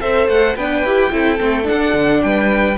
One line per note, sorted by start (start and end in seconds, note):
0.00 0.27 C4
0.00 0.57 A4
0.00 0.56 C5
0.00 0.28 E5
0.27 0.55 A3
0.27 0.56 F#5
0.56 0.83 B3
0.56 0.85 D4
0.56 1.11 B4
0.56 1.67 G5
0.83 1.11 E4
0.83 1.10 G4
1.10 1.39 C4
1.10 1.38 E4
1.10 2.23 A4
1.40 1.68 A3
1.40 1.63 C4
1.63 2.74 D4
1.63 2.22 F#5
1.71 1.93 D4
1.93 2.21 D3
2.22 2.77 G3
2.22 2.77 B4
2.22 2.77 G5